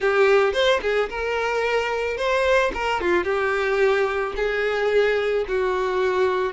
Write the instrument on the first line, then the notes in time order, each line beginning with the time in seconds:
violin
0.00 G4
0.53 C5
0.82 G#4
1.09 A#4
2.17 C5
2.74 A#4
3.00 F4
3.24 G4
4.36 G#4
5.48 F#4